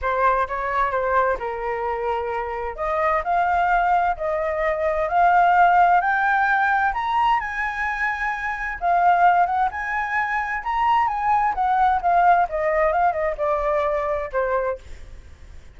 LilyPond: \new Staff \with { instrumentName = "flute" } { \time 4/4 \tempo 4 = 130 c''4 cis''4 c''4 ais'4~ | ais'2 dis''4 f''4~ | f''4 dis''2 f''4~ | f''4 g''2 ais''4 |
gis''2. f''4~ | f''8 fis''8 gis''2 ais''4 | gis''4 fis''4 f''4 dis''4 | f''8 dis''8 d''2 c''4 | }